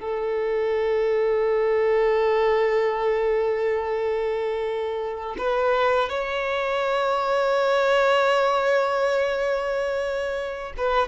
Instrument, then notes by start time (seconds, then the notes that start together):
violin
0.00 A4
5.38 B4
6.09 C#5
10.77 B4